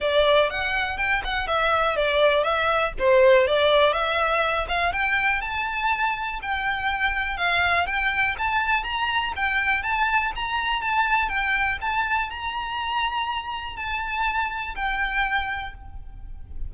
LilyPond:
\new Staff \with { instrumentName = "violin" } { \time 4/4 \tempo 4 = 122 d''4 fis''4 g''8 fis''8 e''4 | d''4 e''4 c''4 d''4 | e''4. f''8 g''4 a''4~ | a''4 g''2 f''4 |
g''4 a''4 ais''4 g''4 | a''4 ais''4 a''4 g''4 | a''4 ais''2. | a''2 g''2 | }